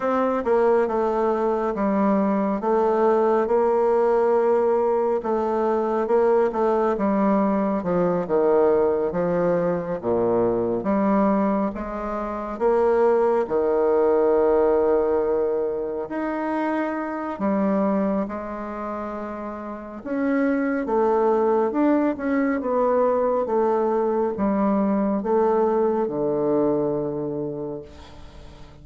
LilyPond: \new Staff \with { instrumentName = "bassoon" } { \time 4/4 \tempo 4 = 69 c'8 ais8 a4 g4 a4 | ais2 a4 ais8 a8 | g4 f8 dis4 f4 ais,8~ | ais,8 g4 gis4 ais4 dis8~ |
dis2~ dis8 dis'4. | g4 gis2 cis'4 | a4 d'8 cis'8 b4 a4 | g4 a4 d2 | }